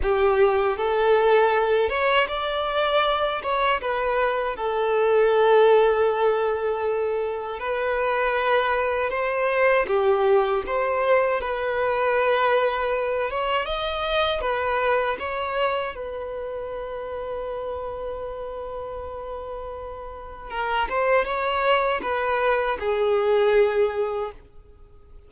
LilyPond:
\new Staff \with { instrumentName = "violin" } { \time 4/4 \tempo 4 = 79 g'4 a'4. cis''8 d''4~ | d''8 cis''8 b'4 a'2~ | a'2 b'2 | c''4 g'4 c''4 b'4~ |
b'4. cis''8 dis''4 b'4 | cis''4 b'2.~ | b'2. ais'8 c''8 | cis''4 b'4 gis'2 | }